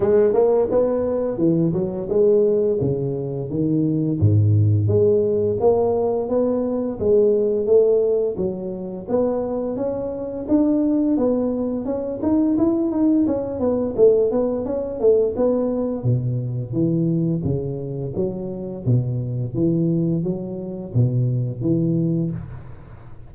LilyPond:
\new Staff \with { instrumentName = "tuba" } { \time 4/4 \tempo 4 = 86 gis8 ais8 b4 e8 fis8 gis4 | cis4 dis4 gis,4 gis4 | ais4 b4 gis4 a4 | fis4 b4 cis'4 d'4 |
b4 cis'8 dis'8 e'8 dis'8 cis'8 b8 | a8 b8 cis'8 a8 b4 b,4 | e4 cis4 fis4 b,4 | e4 fis4 b,4 e4 | }